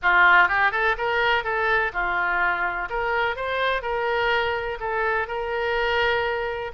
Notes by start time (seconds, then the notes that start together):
0.02 F4
0.48 G4
0.71 A4
0.97 A#4
1.44 A4
1.92 F4
2.89 A#4
3.36 C5
3.82 A#4
4.79 A4
5.27 A#4